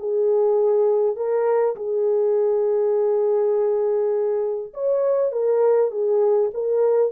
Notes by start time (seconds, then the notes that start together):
0.00 G#4
1.16 A#4
1.76 G#4
4.74 C#5
5.32 A#4
5.92 G#4
6.54 A#4